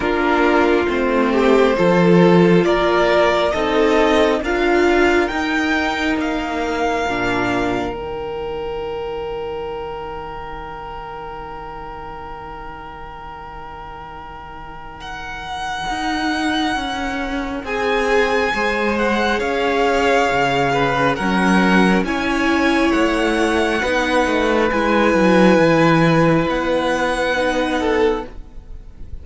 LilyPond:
<<
  \new Staff \with { instrumentName = "violin" } { \time 4/4 \tempo 4 = 68 ais'4 c''2 d''4 | dis''4 f''4 g''4 f''4~ | f''4 g''2.~ | g''1~ |
g''4 fis''2. | gis''4. fis''8 f''2 | fis''4 gis''4 fis''2 | gis''2 fis''2 | }
  \new Staff \with { instrumentName = "violin" } { \time 4/4 f'4. g'8 a'4 ais'4 | a'4 ais'2.~ | ais'1~ | ais'1~ |
ais'1 | gis'4 c''4 cis''4. b'8 | ais'4 cis''2 b'4~ | b'2.~ b'8 a'8 | }
  \new Staff \with { instrumentName = "viola" } { \time 4/4 d'4 c'4 f'2 | dis'4 f'4 dis'2 | d'4 dis'2.~ | dis'1~ |
dis'1~ | dis'4 gis'2. | cis'4 e'2 dis'4 | e'2. dis'4 | }
  \new Staff \with { instrumentName = "cello" } { \time 4/4 ais4 a4 f4 ais4 | c'4 d'4 dis'4 ais4 | ais,4 dis2.~ | dis1~ |
dis2 dis'4 cis'4 | c'4 gis4 cis'4 cis4 | fis4 cis'4 a4 b8 a8 | gis8 fis8 e4 b2 | }
>>